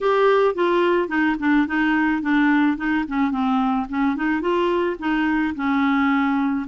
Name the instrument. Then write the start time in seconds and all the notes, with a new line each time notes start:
clarinet
0.00 G4
0.55 F4
1.08 D#4
1.39 D4
1.67 D#4
2.21 D4
2.77 D#4
3.07 C#4
3.31 C4
3.89 C#4
4.16 D#4
4.41 F4
4.98 D#4
5.55 C#4